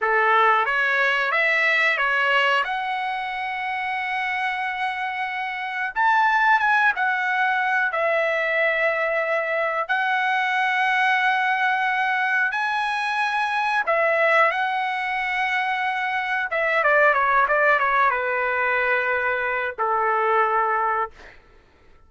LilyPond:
\new Staff \with { instrumentName = "trumpet" } { \time 4/4 \tempo 4 = 91 a'4 cis''4 e''4 cis''4 | fis''1~ | fis''4 a''4 gis''8 fis''4. | e''2. fis''4~ |
fis''2. gis''4~ | gis''4 e''4 fis''2~ | fis''4 e''8 d''8 cis''8 d''8 cis''8 b'8~ | b'2 a'2 | }